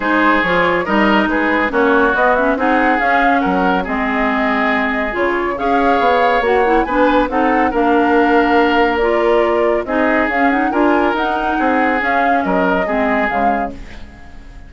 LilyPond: <<
  \new Staff \with { instrumentName = "flute" } { \time 4/4 \tempo 4 = 140 c''4 cis''4 dis''4 b'4 | cis''4 dis''8 e''8 fis''4 f''4 | fis''4 dis''2. | cis''4 f''2 fis''4 |
gis''4 fis''4 f''2~ | f''4 d''2 dis''4 | f''8 fis''8 gis''4 fis''2 | f''4 dis''2 f''4 | }
  \new Staff \with { instrumentName = "oboe" } { \time 4/4 gis'2 ais'4 gis'4 | fis'2 gis'2 | ais'4 gis'2.~ | gis'4 cis''2. |
b'4 a'4 ais'2~ | ais'2. gis'4~ | gis'4 ais'2 gis'4~ | gis'4 ais'4 gis'2 | }
  \new Staff \with { instrumentName = "clarinet" } { \time 4/4 dis'4 f'4 dis'2 | cis'4 b8 cis'8 dis'4 cis'4~ | cis'4 c'2. | f'4 gis'2 fis'8 e'8 |
d'4 dis'4 d'2~ | d'4 f'2 dis'4 | cis'8 dis'8 f'4 dis'2 | cis'2 c'4 gis4 | }
  \new Staff \with { instrumentName = "bassoon" } { \time 4/4 gis4 f4 g4 gis4 | ais4 b4 c'4 cis'4 | fis4 gis2. | cis4 cis'4 b4 ais4 |
b4 c'4 ais2~ | ais2. c'4 | cis'4 d'4 dis'4 c'4 | cis'4 fis4 gis4 cis4 | }
>>